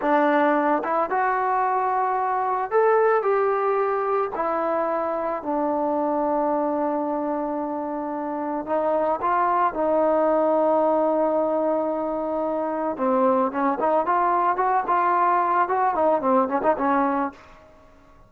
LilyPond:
\new Staff \with { instrumentName = "trombone" } { \time 4/4 \tempo 4 = 111 d'4. e'8 fis'2~ | fis'4 a'4 g'2 | e'2 d'2~ | d'1 |
dis'4 f'4 dis'2~ | dis'1 | c'4 cis'8 dis'8 f'4 fis'8 f'8~ | f'4 fis'8 dis'8 c'8 cis'16 dis'16 cis'4 | }